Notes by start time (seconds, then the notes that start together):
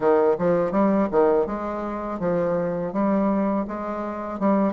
0.00 D#3
0.38 F3
0.72 G3
1.11 D#3
1.46 G#3
2.19 F3
2.92 G3
3.67 G#3
4.39 G3